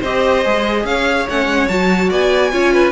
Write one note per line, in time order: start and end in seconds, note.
0.00 0.45 C4
0.00 0.44 G4
0.00 0.83 C5
0.00 0.86 D#5
0.44 0.84 G#3
0.44 1.28 G#4
0.84 1.26 C#4
0.84 2.09 C#5
0.84 1.27 F5
1.29 1.45 A3
1.29 1.69 C#4
1.29 1.68 F#5
1.45 1.66 G#3
1.68 2.11 F#3
1.68 2.52 F#4
1.68 2.10 A5
2.09 2.52 B3
2.09 2.51 D5
2.09 2.92 G#5
2.52 2.92 C#4
2.52 2.92 F4
2.52 2.73 C#5
2.73 2.92 B4